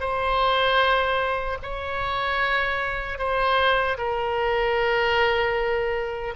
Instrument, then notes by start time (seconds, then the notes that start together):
oboe
0.00 C5
1.62 C#5
3.18 C5
3.98 A#4